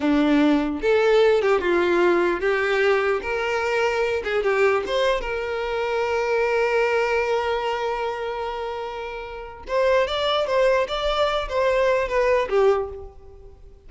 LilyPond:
\new Staff \with { instrumentName = "violin" } { \time 4/4 \tempo 4 = 149 d'2 a'4. g'8 | f'2 g'2 | ais'2~ ais'8 gis'8 g'4 | c''4 ais'2.~ |
ais'1~ | ais'1 | c''4 d''4 c''4 d''4~ | d''8 c''4. b'4 g'4 | }